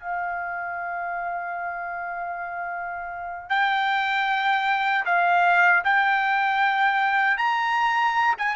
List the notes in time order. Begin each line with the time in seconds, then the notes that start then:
0.00 F5
3.50 G5
5.05 F5
5.84 G5
7.38 A#5
8.38 G#5